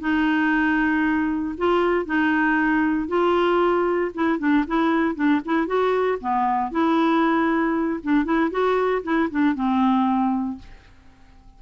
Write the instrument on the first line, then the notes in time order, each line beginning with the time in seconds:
clarinet
0.00 D#4
1.58 F4
2.05 D#4
3.08 F4
4.14 E4
4.39 D4
4.67 E4
5.15 D4
5.45 E4
5.67 F#4
6.21 B3
6.71 E4
8.03 D4
8.25 E4
8.51 F#4
9.03 E4
9.30 D4
9.55 C4